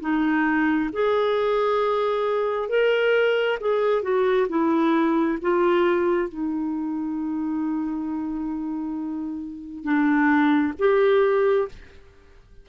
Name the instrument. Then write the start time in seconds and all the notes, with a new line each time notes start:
clarinet
0.00 D#4
0.92 G#4
2.69 A#4
3.60 G#4
4.02 F#4
4.49 E4
5.41 F4
6.28 D#4
9.83 D4
10.79 G4